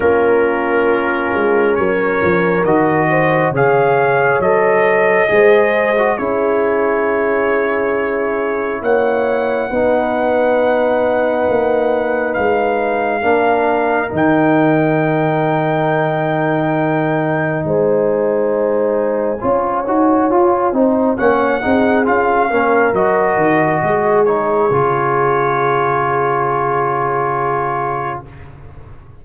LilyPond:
<<
  \new Staff \with { instrumentName = "trumpet" } { \time 4/4 \tempo 4 = 68 ais'2 cis''4 dis''4 | f''4 dis''2 cis''4~ | cis''2 fis''2~ | fis''2 f''2 |
g''1 | gis''1 | fis''4 f''4 dis''4. cis''8~ | cis''1 | }
  \new Staff \with { instrumentName = "horn" } { \time 4/4 f'2 ais'4. c''8 | cis''2 c''4 gis'4~ | gis'2 cis''4 b'4~ | b'2. ais'4~ |
ais'1 | c''2 cis''4. c''8 | cis''8 gis'4 ais'4. gis'4~ | gis'1 | }
  \new Staff \with { instrumentName = "trombone" } { \time 4/4 cis'2. fis'4 | gis'4 a'4 gis'8. fis'16 e'4~ | e'2. dis'4~ | dis'2. d'4 |
dis'1~ | dis'2 f'8 fis'8 f'8 dis'8 | cis'8 dis'8 f'8 cis'8 fis'4. dis'8 | f'1 | }
  \new Staff \with { instrumentName = "tuba" } { \time 4/4 ais4. gis8 fis8 f8 dis4 | cis4 fis4 gis4 cis'4~ | cis'2 ais4 b4~ | b4 ais4 gis4 ais4 |
dis1 | gis2 cis'8 dis'8 f'8 c'8 | ais8 c'8 cis'8 ais8 fis8 dis8 gis4 | cis1 | }
>>